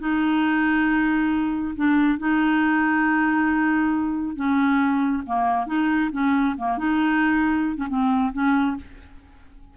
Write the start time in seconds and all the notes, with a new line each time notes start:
0.00 D#4
1.76 D4
2.19 D#4
4.36 C#4
5.26 A#3
5.67 D#4
6.12 C#4
6.57 A#3
6.78 D#4
7.77 C#4
7.89 C4
8.33 C#4